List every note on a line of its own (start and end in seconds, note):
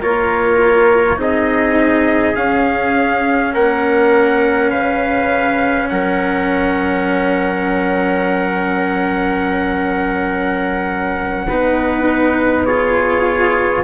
0.00 1.17 A#3
0.00 1.17 F4
0.00 1.18 A#4
0.00 1.21 C#5
1.17 2.35 C4
1.17 2.34 D#4
1.17 3.53 G#4
1.17 2.36 D#5
2.36 11.47 C#4
2.36 3.53 C#4
2.36 3.54 F5
3.53 4.73 A#3
3.53 4.71 A#4
3.53 4.71 F#5
4.71 5.90 C#3
4.71 5.88 B4
4.71 5.89 F5
5.89 11.49 F#3
5.89 11.48 A#4
5.89 12.65 F#5
11.48 13.84 B3
11.48 12.67 D#4
11.48 12.66 B4
12.65 13.84 F4
12.65 13.84 G#4
12.65 13.83 C#5